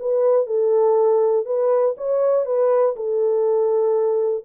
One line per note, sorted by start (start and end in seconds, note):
0.00 0.46 B4
0.46 1.46 A4
1.46 1.95 B4
1.97 2.46 C#5
2.46 2.95 B4
2.96 4.45 A4